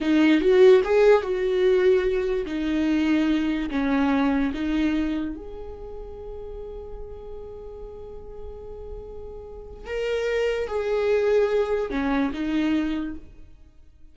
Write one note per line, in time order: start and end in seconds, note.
0.00 0.41 D#4
0.41 0.82 F#4
0.84 1.22 G#4
1.22 2.45 F#4
2.46 3.69 D#4
3.70 4.52 C#4
4.53 5.35 D#4
5.35 9.86 G#4
9.86 10.67 A#4
10.67 11.90 G#4
11.90 12.31 C#4
12.33 13.15 D#4